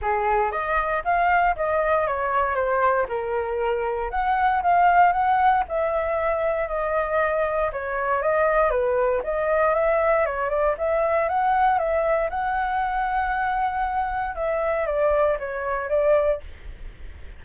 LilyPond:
\new Staff \with { instrumentName = "flute" } { \time 4/4 \tempo 4 = 117 gis'4 dis''4 f''4 dis''4 | cis''4 c''4 ais'2 | fis''4 f''4 fis''4 e''4~ | e''4 dis''2 cis''4 |
dis''4 b'4 dis''4 e''4 | cis''8 d''8 e''4 fis''4 e''4 | fis''1 | e''4 d''4 cis''4 d''4 | }